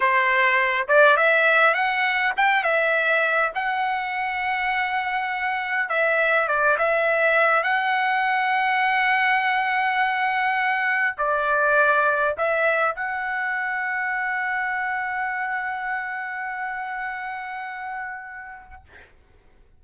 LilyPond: \new Staff \with { instrumentName = "trumpet" } { \time 4/4 \tempo 4 = 102 c''4. d''8 e''4 fis''4 | g''8 e''4. fis''2~ | fis''2 e''4 d''8 e''8~ | e''4 fis''2.~ |
fis''2. d''4~ | d''4 e''4 fis''2~ | fis''1~ | fis''1 | }